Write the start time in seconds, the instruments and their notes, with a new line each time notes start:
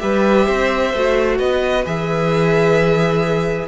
0.00 cello G3, viola G4, violin B4 E5
0.46 cello C4, violin C5
0.94 cello A3, viola F#4
1.39 cello B3, violin B4 D#5
1.86 cello E3, viola G#4, violin E5